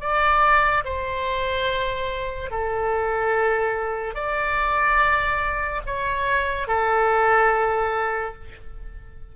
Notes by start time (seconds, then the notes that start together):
0.00 D5
0.84 C5
2.50 A4
4.14 D5
5.86 C#5
6.67 A4